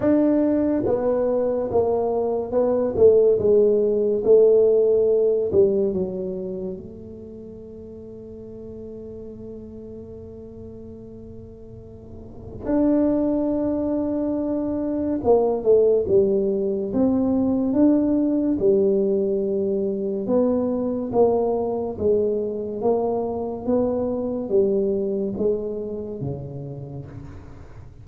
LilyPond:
\new Staff \with { instrumentName = "tuba" } { \time 4/4 \tempo 4 = 71 d'4 b4 ais4 b8 a8 | gis4 a4. g8 fis4 | a1~ | a2. d'4~ |
d'2 ais8 a8 g4 | c'4 d'4 g2 | b4 ais4 gis4 ais4 | b4 g4 gis4 cis4 | }